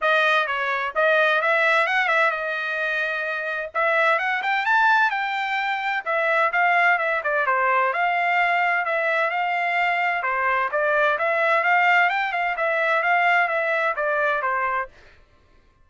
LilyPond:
\new Staff \with { instrumentName = "trumpet" } { \time 4/4 \tempo 4 = 129 dis''4 cis''4 dis''4 e''4 | fis''8 e''8 dis''2. | e''4 fis''8 g''8 a''4 g''4~ | g''4 e''4 f''4 e''8 d''8 |
c''4 f''2 e''4 | f''2 c''4 d''4 | e''4 f''4 g''8 f''8 e''4 | f''4 e''4 d''4 c''4 | }